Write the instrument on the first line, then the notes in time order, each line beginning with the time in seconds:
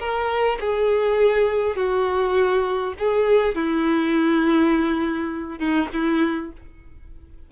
violin
0.00 A#4
0.60 G#4
1.76 F#4
2.99 G#4
3.55 E4
5.59 D#4
5.94 E4